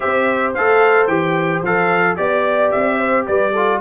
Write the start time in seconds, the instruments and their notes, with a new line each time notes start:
0.00 tuba C4, trombone G4, horn C5, trumpet E5
0.54 tuba A3, trombone A4, trumpet F5
1.07 tuba E3, trombone G4, trumpet G5
1.62 tuba F3, trombone A4, trumpet F5
2.16 tuba B3, trombone G4, trumpet D5, horn D5
2.71 tuba C4, trumpet E5
2.97 horn C5
3.26 tuba G3, horn B4, trumpet D5
3.52 trombone F4, horn A4